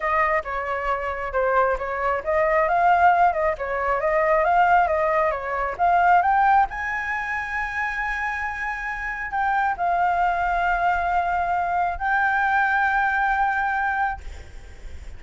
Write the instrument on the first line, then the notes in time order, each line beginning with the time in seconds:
flute
0.00 D#5
0.44 C#5
1.33 C5
1.78 C#5
2.24 D#5
2.68 F5
3.33 D#5
3.58 C#5
4.00 D#5
4.44 F5
4.87 D#5
5.31 C#5
5.78 F5
6.21 G5
6.69 G#5
9.31 G5
9.77 F5
11.98 G5